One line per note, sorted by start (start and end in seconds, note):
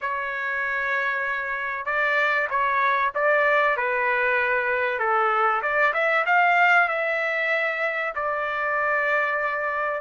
0.01 1.85 C#5
1.85 2.48 D5
2.49 3.12 C#5
3.14 3.76 D5
3.76 4.99 B4
4.99 5.61 A4
5.62 5.93 D5
5.93 6.24 E5
6.26 6.88 F5
6.88 8.13 E5
8.15 10.01 D5